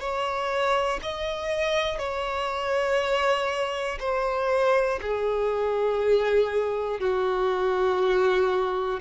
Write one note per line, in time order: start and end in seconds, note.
0.00 1.00 C#5
1.02 1.98 D#5
1.98 3.98 C#5
3.99 4.99 C5
5.01 7.00 G#4
7.00 9.00 F#4